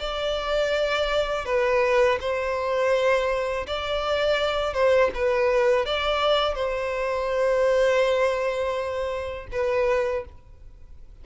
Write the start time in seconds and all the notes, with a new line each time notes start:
0.00 D5
1.46 B4
2.21 C5
3.67 D5
4.74 C5
5.15 B4
5.86 D5
6.55 C5
9.52 B4